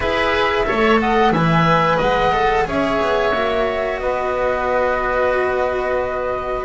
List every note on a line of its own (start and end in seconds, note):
0.00 0.67 E4
0.00 0.65 G#4
0.00 0.66 B4
0.00 0.98 E5
0.65 1.30 A3
0.65 1.32 A4
0.65 1.00 C#5
0.99 1.32 D#5
0.99 1.32 F#5
1.30 1.97 E3
1.30 1.97 E5
1.30 1.99 G#5
1.37 2.32 B4
1.97 2.66 G#3
1.97 2.63 D#5
1.97 2.67 F#5
2.32 2.65 A4
2.65 2.99 C#4
2.65 3.32 G#4
2.65 4.01 C#5
2.65 3.98 E5
3.01 3.33 B3
3.33 3.99 A#3
3.33 6.65 F#4
3.98 6.65 B3
3.98 6.65 B4
3.98 6.65 D#5